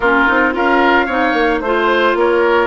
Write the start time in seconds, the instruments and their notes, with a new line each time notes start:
0.00 bassoon A#3, clarinet C#4, oboe F4, flute A#4
0.27 bassoon C4, clarinet D#4
0.53 bassoon C#4, clarinet F4, oboe A#4, flute F5
1.06 bassoon C4, clarinet D#4, oboe C#5
1.33 bassoon A#3
1.60 bassoon A3, clarinet F4, flute C5, oboe C5
2.14 bassoon A#3, oboe A#4, flute C#5